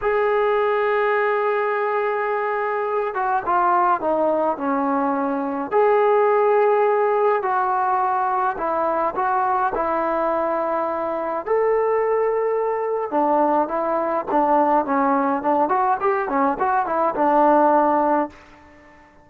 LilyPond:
\new Staff \with { instrumentName = "trombone" } { \time 4/4 \tempo 4 = 105 gis'1~ | gis'4. fis'8 f'4 dis'4 | cis'2 gis'2~ | gis'4 fis'2 e'4 |
fis'4 e'2. | a'2. d'4 | e'4 d'4 cis'4 d'8 fis'8 | g'8 cis'8 fis'8 e'8 d'2 | }